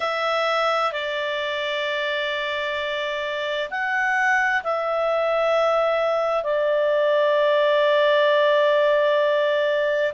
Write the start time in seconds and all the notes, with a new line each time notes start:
0.00 E5
0.92 D5
3.70 F#5
4.63 E5
6.43 D5